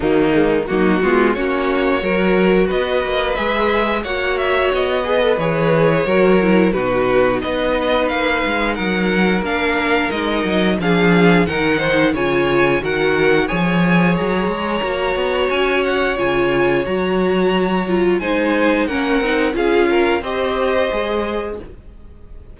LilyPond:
<<
  \new Staff \with { instrumentName = "violin" } { \time 4/4 \tempo 4 = 89 dis'4 fis'4 cis''2 | dis''4 e''4 fis''8 e''8 dis''4 | cis''2 b'4 dis''4 | f''4 fis''4 f''4 dis''4 |
f''4 fis''4 gis''4 fis''4 | gis''4 ais''2 gis''8 fis''8 | gis''4 ais''2 gis''4 | fis''4 f''4 dis''2 | }
  \new Staff \with { instrumentName = "violin" } { \time 4/4 ais4 dis'8 f'8 fis'4 ais'4 | b'2 cis''4. b'8~ | b'4 ais'4 fis'4 b'4~ | b'4 ais'2. |
gis'4 ais'8 c''8 cis''4 ais'4 | cis''1~ | cis''2. c''4 | ais'4 gis'8 ais'8 c''2 | }
  \new Staff \with { instrumentName = "viola" } { \time 4/4 fis8 gis8 ais8 b8 cis'4 fis'4~ | fis'4 gis'4 fis'4. gis'16 a'16 | gis'4 fis'8 e'8 dis'2~ | dis'2 d'4 dis'4 |
d'4 dis'4 f'4 fis'4 | gis'2 fis'2 | f'4 fis'4. f'8 dis'4 | cis'8 dis'8 f'4 g'4 gis'4 | }
  \new Staff \with { instrumentName = "cello" } { \time 4/4 dis4 fis8 gis8 ais4 fis4 | b8 ais8 gis4 ais4 b4 | e4 fis4 b,4 b4 | ais8 gis8 fis4 ais4 gis8 fis8 |
f4 dis4 cis4 dis4 | f4 fis8 gis8 ais8 b8 cis'4 | cis4 fis2 gis4 | ais8 c'8 cis'4 c'4 gis4 | }
>>